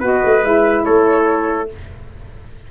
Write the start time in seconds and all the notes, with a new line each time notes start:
0.00 B3 F#4 B4 D#5
0.25 A3
0.43 G#3 E4 E5
0.85 A3 A4 C#5